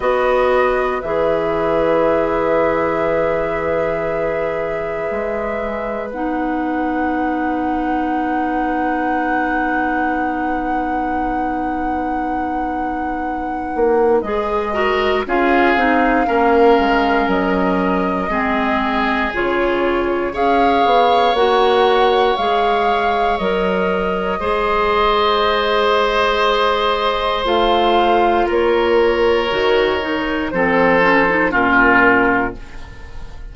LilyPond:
<<
  \new Staff \with { instrumentName = "flute" } { \time 4/4 \tempo 4 = 59 dis''4 e''2.~ | e''2 fis''2~ | fis''1~ | fis''2 dis''4 f''4~ |
f''4 dis''2 cis''4 | f''4 fis''4 f''4 dis''4~ | dis''2. f''4 | cis''2 c''4 ais'4 | }
  \new Staff \with { instrumentName = "oboe" } { \time 4/4 b'1~ | b'1~ | b'1~ | b'2~ b'8 ais'8 gis'4 |
ais'2 gis'2 | cis''1 | c''1 | ais'2 a'4 f'4 | }
  \new Staff \with { instrumentName = "clarinet" } { \time 4/4 fis'4 gis'2.~ | gis'2 dis'2~ | dis'1~ | dis'2 gis'8 fis'8 f'8 dis'8 |
cis'2 c'4 f'4 | gis'4 fis'4 gis'4 ais'4 | gis'2. f'4~ | f'4 fis'8 dis'8 c'8 cis'16 dis'16 cis'4 | }
  \new Staff \with { instrumentName = "bassoon" } { \time 4/4 b4 e2.~ | e4 gis4 b2~ | b1~ | b4. ais8 gis4 cis'8 c'8 |
ais8 gis8 fis4 gis4 cis4 | cis'8 b8 ais4 gis4 fis4 | gis2. a4 | ais4 dis4 f4 ais,4 | }
>>